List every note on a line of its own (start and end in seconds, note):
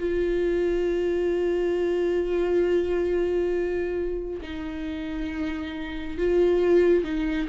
0.00 4.41 F4
4.42 6.18 D#4
6.18 7.04 F4
7.04 7.48 D#4